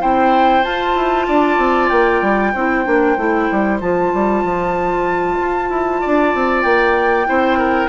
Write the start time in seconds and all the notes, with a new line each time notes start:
0.00 C4 E4 C5 G5
0.64 F4 A5
0.95 E4
1.28 D4 D5
1.57 C4
1.89 A#3 G5
2.21 G3
2.53 C4 E4 C5
2.85 A#3 D4
3.17 A3 E4
3.51 G3
3.80 F3 F4 A5
4.14 G3
4.44 F3
5.40 F4
5.69 E4
6.01 D4 D5
6.34 C4
6.62 A#3 G5
7.26 C4 E4 C5
7.58 A#4